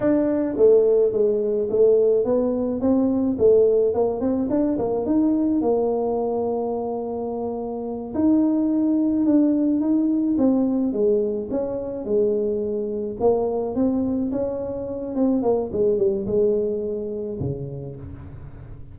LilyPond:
\new Staff \with { instrumentName = "tuba" } { \time 4/4 \tempo 4 = 107 d'4 a4 gis4 a4 | b4 c'4 a4 ais8 c'8 | d'8 ais8 dis'4 ais2~ | ais2~ ais8 dis'4.~ |
dis'8 d'4 dis'4 c'4 gis8~ | gis8 cis'4 gis2 ais8~ | ais8 c'4 cis'4. c'8 ais8 | gis8 g8 gis2 cis4 | }